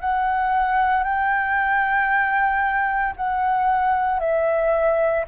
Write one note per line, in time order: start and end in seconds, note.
0.00 1.03 F#5
1.03 3.13 G5
3.16 4.19 F#5
4.19 5.24 E5